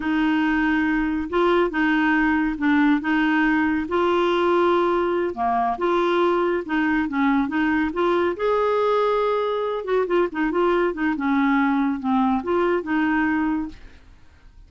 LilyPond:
\new Staff \with { instrumentName = "clarinet" } { \time 4/4 \tempo 4 = 140 dis'2. f'4 | dis'2 d'4 dis'4~ | dis'4 f'2.~ | f'8 ais4 f'2 dis'8~ |
dis'8 cis'4 dis'4 f'4 gis'8~ | gis'2. fis'8 f'8 | dis'8 f'4 dis'8 cis'2 | c'4 f'4 dis'2 | }